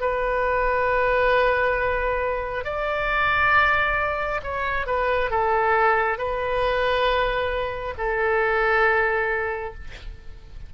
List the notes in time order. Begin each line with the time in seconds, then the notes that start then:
0.00 B4
2.64 D5
4.43 C#5
4.86 B4
5.30 A4
6.18 B4
7.97 A4